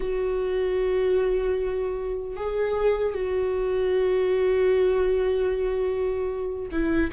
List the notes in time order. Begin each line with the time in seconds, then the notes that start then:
0.00 F#4
2.36 G#4
3.14 F#4
6.71 E4